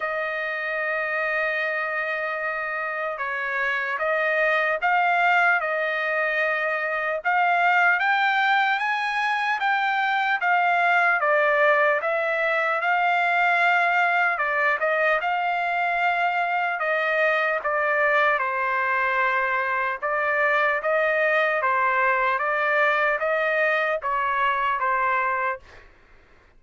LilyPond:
\new Staff \with { instrumentName = "trumpet" } { \time 4/4 \tempo 4 = 75 dis''1 | cis''4 dis''4 f''4 dis''4~ | dis''4 f''4 g''4 gis''4 | g''4 f''4 d''4 e''4 |
f''2 d''8 dis''8 f''4~ | f''4 dis''4 d''4 c''4~ | c''4 d''4 dis''4 c''4 | d''4 dis''4 cis''4 c''4 | }